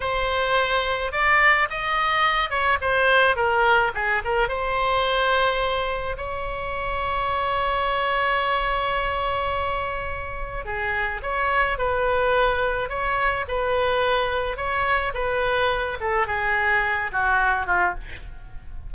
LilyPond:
\new Staff \with { instrumentName = "oboe" } { \time 4/4 \tempo 4 = 107 c''2 d''4 dis''4~ | dis''8 cis''8 c''4 ais'4 gis'8 ais'8 | c''2. cis''4~ | cis''1~ |
cis''2. gis'4 | cis''4 b'2 cis''4 | b'2 cis''4 b'4~ | b'8 a'8 gis'4. fis'4 f'8 | }